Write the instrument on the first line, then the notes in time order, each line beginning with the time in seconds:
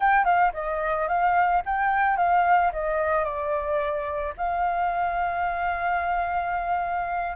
flute
0.00 G5
0.24 F5
0.53 D#5
1.08 F5
1.65 G5
2.16 F5
2.72 D#5
3.24 D5
4.37 F5